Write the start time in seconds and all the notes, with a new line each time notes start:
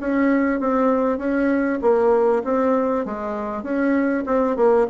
0.00 C#4
0.60 C4
1.18 C#4
1.82 A#3
2.44 C4
3.05 G#3
3.63 C#4
4.26 C4
4.56 A#3